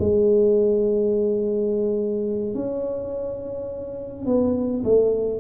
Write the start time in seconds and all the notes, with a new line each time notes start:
0.00 G#3
2.55 C#4
4.26 B3
4.84 A3